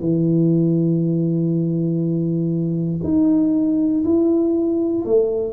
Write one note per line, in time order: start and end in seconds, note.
0.00 3.00 E3
3.03 4.03 D#4
4.04 5.04 E4
5.05 5.53 A3